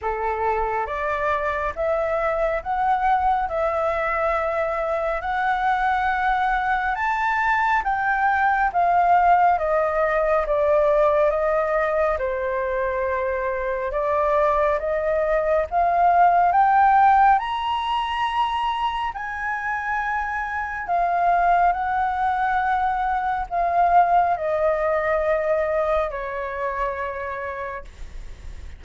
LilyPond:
\new Staff \with { instrumentName = "flute" } { \time 4/4 \tempo 4 = 69 a'4 d''4 e''4 fis''4 | e''2 fis''2 | a''4 g''4 f''4 dis''4 | d''4 dis''4 c''2 |
d''4 dis''4 f''4 g''4 | ais''2 gis''2 | f''4 fis''2 f''4 | dis''2 cis''2 | }